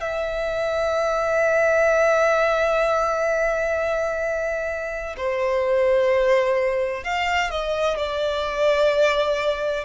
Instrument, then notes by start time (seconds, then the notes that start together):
violin
0.00 E5
5.17 C5
7.04 F5
7.50 D#5
7.97 D5